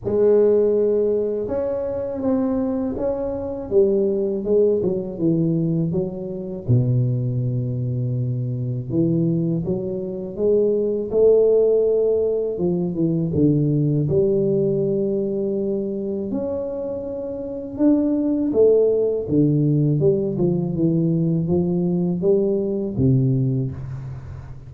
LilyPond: \new Staff \with { instrumentName = "tuba" } { \time 4/4 \tempo 4 = 81 gis2 cis'4 c'4 | cis'4 g4 gis8 fis8 e4 | fis4 b,2. | e4 fis4 gis4 a4~ |
a4 f8 e8 d4 g4~ | g2 cis'2 | d'4 a4 d4 g8 f8 | e4 f4 g4 c4 | }